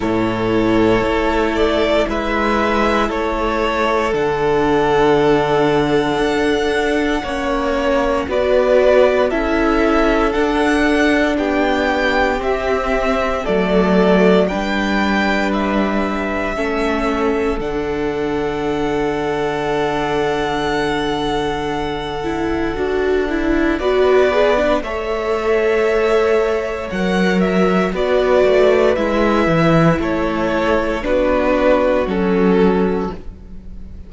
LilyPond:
<<
  \new Staff \with { instrumentName = "violin" } { \time 4/4 \tempo 4 = 58 cis''4. d''8 e''4 cis''4 | fis''1 | d''4 e''4 fis''4 g''4 | e''4 d''4 g''4 e''4~ |
e''4 fis''2.~ | fis''2. d''4 | e''2 fis''8 e''8 d''4 | e''4 cis''4 b'4 a'4 | }
  \new Staff \with { instrumentName = "violin" } { \time 4/4 a'2 b'4 a'4~ | a'2. cis''4 | b'4 a'2 g'4~ | g'4 a'4 b'2 |
a'1~ | a'2. b'4 | cis''2. b'4~ | b'4 a'4 fis'2 | }
  \new Staff \with { instrumentName = "viola" } { \time 4/4 e'1 | d'2. cis'4 | fis'4 e'4 d'2 | c'4 a4 d'2 |
cis'4 d'2.~ | d'4. e'8 fis'8 e'8 fis'8 gis'16 d'16 | a'2 ais'4 fis'4 | e'2 d'4 cis'4 | }
  \new Staff \with { instrumentName = "cello" } { \time 4/4 a,4 a4 gis4 a4 | d2 d'4 ais4 | b4 cis'4 d'4 b4 | c'4 fis4 g2 |
a4 d2.~ | d2 d'4 b4 | a2 fis4 b8 a8 | gis8 e8 a4 b4 fis4 | }
>>